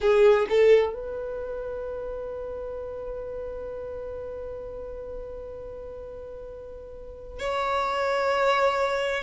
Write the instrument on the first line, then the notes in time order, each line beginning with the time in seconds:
violin
0.00 G#4
0.49 A4
0.93 B4
7.39 C#5